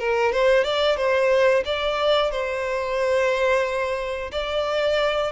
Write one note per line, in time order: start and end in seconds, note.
0.00 0.33 A#4
0.33 0.65 C5
0.65 0.97 D5
0.97 1.64 C5
1.66 2.32 D5
2.32 4.32 C5
4.32 5.32 D5